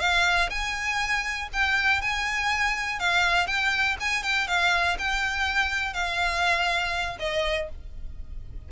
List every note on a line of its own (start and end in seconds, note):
0.00 0.50 F5
0.50 1.49 G#5
1.53 2.02 G5
2.02 3.00 G#5
3.00 3.47 F5
3.47 3.97 G5
4.01 4.23 G#5
4.23 4.48 G5
4.48 4.97 F5
4.99 5.94 G5
5.94 7.18 F5
7.20 7.69 D#5